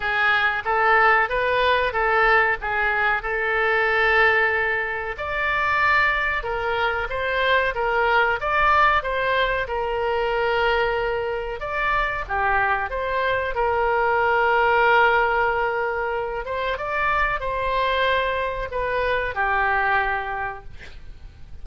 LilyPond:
\new Staff \with { instrumentName = "oboe" } { \time 4/4 \tempo 4 = 93 gis'4 a'4 b'4 a'4 | gis'4 a'2. | d''2 ais'4 c''4 | ais'4 d''4 c''4 ais'4~ |
ais'2 d''4 g'4 | c''4 ais'2.~ | ais'4. c''8 d''4 c''4~ | c''4 b'4 g'2 | }